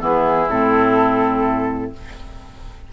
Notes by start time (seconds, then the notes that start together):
0.00 E3 B3 E4 G#4
0.49 A2 C4 A4